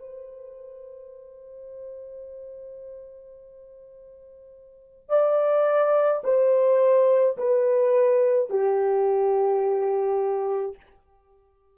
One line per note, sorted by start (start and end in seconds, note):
0.00 5.09 C5
5.09 6.23 D5
6.24 7.37 C5
7.38 8.50 B4
8.50 10.77 G4